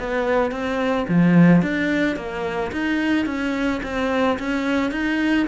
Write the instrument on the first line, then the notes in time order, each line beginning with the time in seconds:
cello
0.00 B3
0.52 C4
1.09 F3
1.63 D4
2.17 A#3
2.72 D#4
3.26 C#4
3.84 C4
4.39 C#4
4.92 D#4